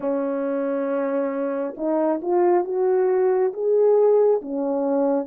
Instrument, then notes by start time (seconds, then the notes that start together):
horn
0.00 C#4
1.76 D#4
2.21 F4
2.64 F#4
3.53 G#4
4.41 C#4